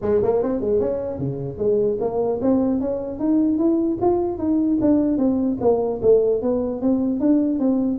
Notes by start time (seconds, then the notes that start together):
0.01 G#3
0.23 A#3
0.42 C4
0.61 G#3
0.80 C#4
1.18 C#3
1.58 G#3
2.00 A#3
2.41 C4
2.80 C#4
3.19 D#4
3.58 E4
4.01 F4
4.38 D#4
4.81 D4
5.17 C4
5.60 A#3
6.02 A3
6.42 B3
6.81 C4
7.19 D4
7.59 C4